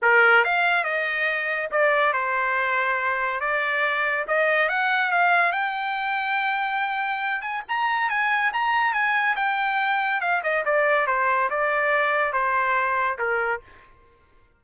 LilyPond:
\new Staff \with { instrumentName = "trumpet" } { \time 4/4 \tempo 4 = 141 ais'4 f''4 dis''2 | d''4 c''2. | d''2 dis''4 fis''4 | f''4 g''2.~ |
g''4. gis''8 ais''4 gis''4 | ais''4 gis''4 g''2 | f''8 dis''8 d''4 c''4 d''4~ | d''4 c''2 ais'4 | }